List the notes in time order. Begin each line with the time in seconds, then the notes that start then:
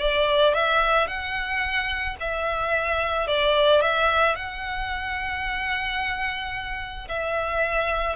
0.00 D5
0.54 E5
1.07 F#5
2.20 E5
3.27 D5
3.81 E5
4.35 F#5
7.08 E5